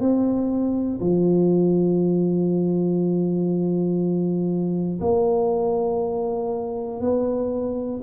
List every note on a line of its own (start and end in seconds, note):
0.00 1.00 C4
1.01 5.01 F3
5.01 7.01 A#3
7.01 8.01 B3